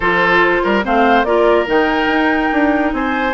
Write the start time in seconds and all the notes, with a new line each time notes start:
0.00 F3 F4 A4 C5
0.63 G3 A#4
0.83 A3 C4 C5 F5
1.24 A#3 F4 A#4 D5
1.66 D#3 D#4 G5
2.07 D#4
2.52 D4
2.92 C4 C5 G#5